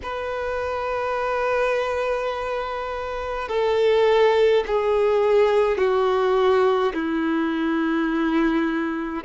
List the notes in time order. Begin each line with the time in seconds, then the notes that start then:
0.03 B4
3.48 A4
4.66 G#4
5.77 F#4
6.93 E4